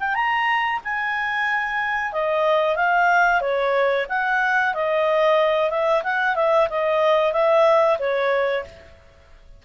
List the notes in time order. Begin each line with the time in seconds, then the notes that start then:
0.00 G5
0.15 A#5
0.84 G#5
2.13 D#5
2.76 F5
3.41 C#5
4.09 F#5
4.74 D#5
5.70 E5
6.04 F#5
6.36 E5
6.70 D#5
7.33 E5
7.99 C#5